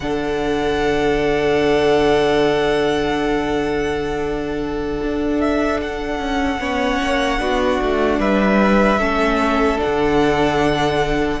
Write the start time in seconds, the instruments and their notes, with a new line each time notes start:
0.00 cello D3, viola D4, violin A4 F#5
5.02 cello D4
5.40 violin E5
5.81 violin F#5
6.19 cello C#4
6.59 cello B3, viola C#4, violin C#5
7.01 cello A#3
7.38 cello B3, viola D4, violin F#4
7.81 cello A3
8.18 cello G3, violin B4 E5
8.98 cello A3, viola C#4, violin A4
9.77 viola D4, violin F#5
9.85 cello D3